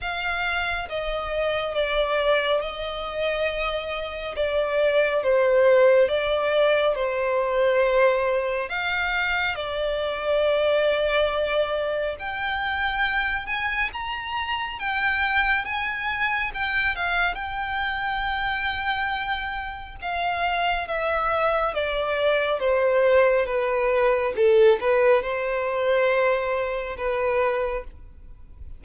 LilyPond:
\new Staff \with { instrumentName = "violin" } { \time 4/4 \tempo 4 = 69 f''4 dis''4 d''4 dis''4~ | dis''4 d''4 c''4 d''4 | c''2 f''4 d''4~ | d''2 g''4. gis''8 |
ais''4 g''4 gis''4 g''8 f''8 | g''2. f''4 | e''4 d''4 c''4 b'4 | a'8 b'8 c''2 b'4 | }